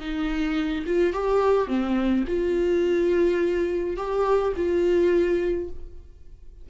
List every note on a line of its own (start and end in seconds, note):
0.00 0.85 D#4
0.86 1.13 F4
1.13 1.68 G4
1.68 2.24 C4
2.27 3.97 F4
3.97 4.53 G4
4.56 5.70 F4